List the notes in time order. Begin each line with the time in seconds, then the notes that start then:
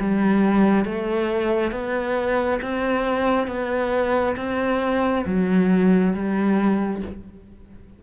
0.00 G3
0.85 A3
1.72 B3
2.62 C4
3.47 B3
4.36 C4
5.26 F#3
6.14 G3